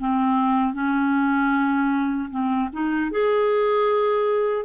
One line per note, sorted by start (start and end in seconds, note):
0.00 0.74 C4
0.74 2.30 C#4
2.31 2.70 C4
2.73 3.12 D#4
3.12 4.66 G#4